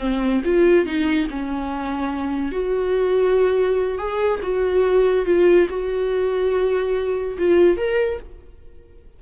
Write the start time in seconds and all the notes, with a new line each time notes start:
0.00 C4
0.45 F4
0.86 D#4
1.31 C#4
2.52 F#4
3.99 G#4
4.43 F#4
5.26 F4
5.70 F#4
7.39 F4
7.77 A#4